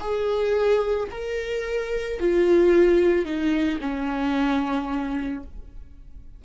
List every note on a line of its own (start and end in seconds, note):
0.00 1.08 G#4
1.11 2.19 A#4
2.19 3.25 F4
3.25 3.79 D#4
3.80 5.43 C#4